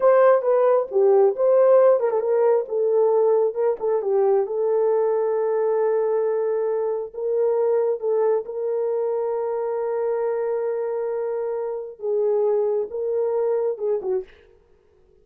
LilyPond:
\new Staff \with { instrumentName = "horn" } { \time 4/4 \tempo 4 = 135 c''4 b'4 g'4 c''4~ | c''8 ais'16 a'16 ais'4 a'2 | ais'8 a'8 g'4 a'2~ | a'1 |
ais'2 a'4 ais'4~ | ais'1~ | ais'2. gis'4~ | gis'4 ais'2 gis'8 fis'8 | }